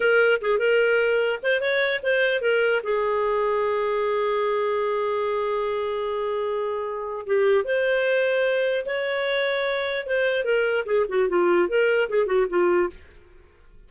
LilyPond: \new Staff \with { instrumentName = "clarinet" } { \time 4/4 \tempo 4 = 149 ais'4 gis'8 ais'2 c''8 | cis''4 c''4 ais'4 gis'4~ | gis'1~ | gis'1~ |
gis'2 g'4 c''4~ | c''2 cis''2~ | cis''4 c''4 ais'4 gis'8 fis'8 | f'4 ais'4 gis'8 fis'8 f'4 | }